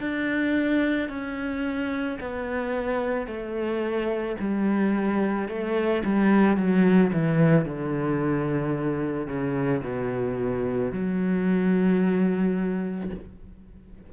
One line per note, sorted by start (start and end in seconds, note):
0.00 1.09 D4
1.09 2.18 C#4
2.20 3.26 B3
3.26 4.35 A3
4.39 5.48 G3
5.48 6.02 A3
6.04 6.57 G3
6.57 7.11 F#3
7.13 7.65 E3
7.65 9.27 D3
9.27 9.81 C#3
9.83 10.92 B2
10.92 13.10 F#3